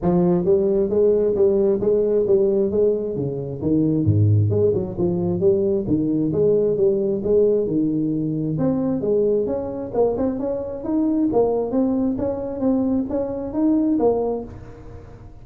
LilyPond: \new Staff \with { instrumentName = "tuba" } { \time 4/4 \tempo 4 = 133 f4 g4 gis4 g4 | gis4 g4 gis4 cis4 | dis4 gis,4 gis8 fis8 f4 | g4 dis4 gis4 g4 |
gis4 dis2 c'4 | gis4 cis'4 ais8 c'8 cis'4 | dis'4 ais4 c'4 cis'4 | c'4 cis'4 dis'4 ais4 | }